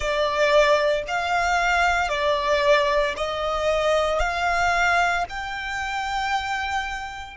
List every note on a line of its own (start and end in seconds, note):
0.00 1.02 D5
1.07 2.09 F5
2.09 3.14 D5
3.16 4.19 D#5
4.19 5.24 F5
5.29 7.36 G5